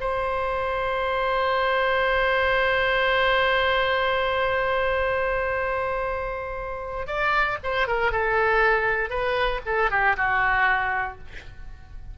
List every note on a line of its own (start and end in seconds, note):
0.00 7.07 C5
7.07 7.58 D5
7.63 7.87 C5
7.87 8.11 A#4
8.11 9.10 A4
9.10 9.61 B4
9.66 9.90 A4
9.90 10.16 G4
10.16 11.18 F#4